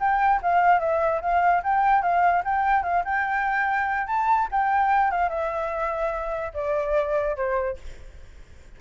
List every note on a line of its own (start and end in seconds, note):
0.00 0.41 G5
0.43 0.80 F5
0.80 1.21 E5
1.22 1.63 F5
1.64 2.02 G5
2.02 2.43 F5
2.45 2.84 G5
2.84 3.04 F5
3.05 4.07 G5
4.07 4.49 A5
4.52 5.11 G5
5.11 5.29 F5
5.29 6.52 E5
6.54 7.36 D5
7.36 7.77 C5